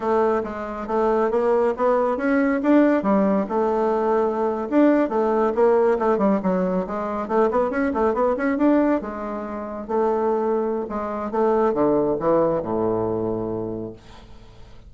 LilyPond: \new Staff \with { instrumentName = "bassoon" } { \time 4/4 \tempo 4 = 138 a4 gis4 a4 ais4 | b4 cis'4 d'4 g4 | a2~ a8. d'4 a16~ | a8. ais4 a8 g8 fis4 gis16~ |
gis8. a8 b8 cis'8 a8 b8 cis'8 d'16~ | d'8. gis2 a4~ a16~ | a4 gis4 a4 d4 | e4 a,2. | }